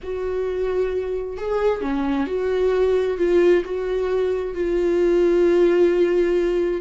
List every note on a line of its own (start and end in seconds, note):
0.03 1.37 F#4
1.37 1.81 G#4
1.81 2.26 C#4
2.26 3.17 F#4
3.17 3.63 F4
3.65 4.54 F#4
4.54 6.81 F4